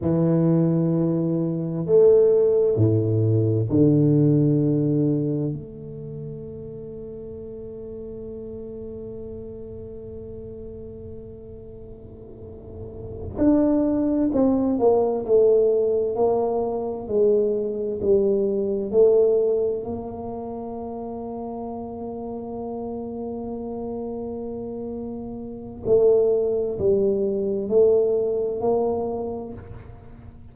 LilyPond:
\new Staff \with { instrumentName = "tuba" } { \time 4/4 \tempo 4 = 65 e2 a4 a,4 | d2 a2~ | a1~ | a2~ a8 d'4 c'8 |
ais8 a4 ais4 gis4 g8~ | g8 a4 ais2~ ais8~ | ais1 | a4 g4 a4 ais4 | }